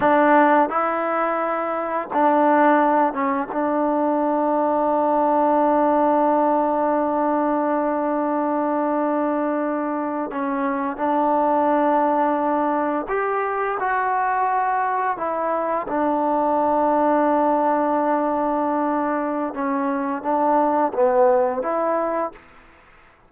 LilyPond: \new Staff \with { instrumentName = "trombone" } { \time 4/4 \tempo 4 = 86 d'4 e'2 d'4~ | d'8 cis'8 d'2.~ | d'1~ | d'2~ d'8. cis'4 d'16~ |
d'2~ d'8. g'4 fis'16~ | fis'4.~ fis'16 e'4 d'4~ d'16~ | d'1 | cis'4 d'4 b4 e'4 | }